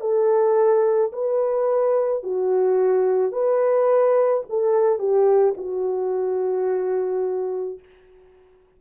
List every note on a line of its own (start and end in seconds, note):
0.00 1.11 A4
1.12 2.23 B4
2.23 3.32 F#4
3.32 4.43 B4
4.49 4.98 A4
4.98 5.54 G4
5.57 7.79 F#4